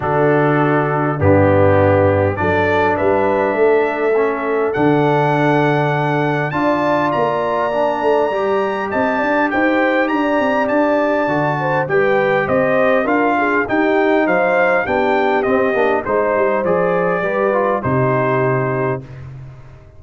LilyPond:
<<
  \new Staff \with { instrumentName = "trumpet" } { \time 4/4 \tempo 4 = 101 a'2 g'2 | d''4 e''2. | fis''2. a''4 | ais''2. a''4 |
g''4 ais''4 a''2 | g''4 dis''4 f''4 g''4 | f''4 g''4 dis''4 c''4 | d''2 c''2 | }
  \new Staff \with { instrumentName = "horn" } { \time 4/4 fis'2 d'2 | a'4 b'4 a'2~ | a'2. d''4~ | d''2. dis''8 d''8 |
c''4 d''2~ d''8 c''8 | b'4 c''4 ais'8 gis'8 g'4 | c''4 g'2 c''4~ | c''4 b'4 g'2 | }
  \new Staff \with { instrumentName = "trombone" } { \time 4/4 d'2 b2 | d'2. cis'4 | d'2. f'4~ | f'4 d'4 g'2~ |
g'2. fis'4 | g'2 f'4 dis'4~ | dis'4 d'4 c'8 d'8 dis'4 | gis'4 g'8 f'8 dis'2 | }
  \new Staff \with { instrumentName = "tuba" } { \time 4/4 d2 g,2 | fis4 g4 a2 | d2. d'4 | ais4. a8 g4 c'8 d'8 |
dis'4 d'8 c'8 d'4 d4 | g4 c'4 d'4 dis'4 | fis4 b4 c'8 ais8 gis8 g8 | f4 g4 c2 | }
>>